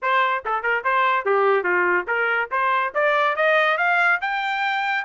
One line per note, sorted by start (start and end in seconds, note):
0.02 0.43 C5
0.45 0.62 A4
0.62 0.83 A#4
0.84 1.25 C5
1.25 1.63 G4
1.63 2.05 F4
2.07 2.49 A#4
2.51 2.93 C5
2.94 3.35 D5
3.35 3.77 D#5
3.77 4.19 F5
4.21 5.04 G5